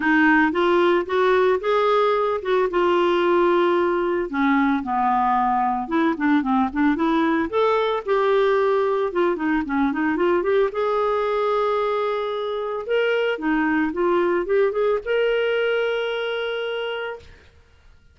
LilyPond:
\new Staff \with { instrumentName = "clarinet" } { \time 4/4 \tempo 4 = 112 dis'4 f'4 fis'4 gis'4~ | gis'8 fis'8 f'2. | cis'4 b2 e'8 d'8 | c'8 d'8 e'4 a'4 g'4~ |
g'4 f'8 dis'8 cis'8 dis'8 f'8 g'8 | gis'1 | ais'4 dis'4 f'4 g'8 gis'8 | ais'1 | }